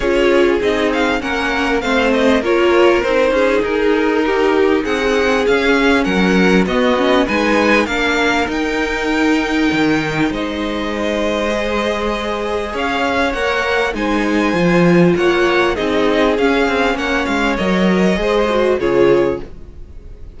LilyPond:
<<
  \new Staff \with { instrumentName = "violin" } { \time 4/4 \tempo 4 = 99 cis''4 dis''8 f''8 fis''4 f''8 dis''8 | cis''4 c''4 ais'2 | fis''4 f''4 fis''4 dis''4 | gis''4 f''4 g''2~ |
g''4 dis''2.~ | dis''4 f''4 fis''4 gis''4~ | gis''4 fis''4 dis''4 f''4 | fis''8 f''8 dis''2 cis''4 | }
  \new Staff \with { instrumentName = "violin" } { \time 4/4 gis'2 ais'4 c''4 | ais'4. gis'4. g'4 | gis'2 ais'4 fis'4 | b'4 ais'2.~ |
ais'4 c''2.~ | c''4 cis''2 c''4~ | c''4 cis''4 gis'2 | cis''2 c''4 gis'4 | }
  \new Staff \with { instrumentName = "viola" } { \time 4/4 f'4 dis'4 cis'4 c'4 | f'4 dis'2.~ | dis'4 cis'2 b8 cis'8 | dis'4 d'4 dis'2~ |
dis'2. gis'4~ | gis'2 ais'4 dis'4 | f'2 dis'4 cis'4~ | cis'4 ais'4 gis'8 fis'8 f'4 | }
  \new Staff \with { instrumentName = "cello" } { \time 4/4 cis'4 c'4 ais4 a4 | ais4 c'8 cis'8 dis'2 | c'4 cis'4 fis4 b4 | gis4 ais4 dis'2 |
dis4 gis2.~ | gis4 cis'4 ais4 gis4 | f4 ais4 c'4 cis'8 c'8 | ais8 gis8 fis4 gis4 cis4 | }
>>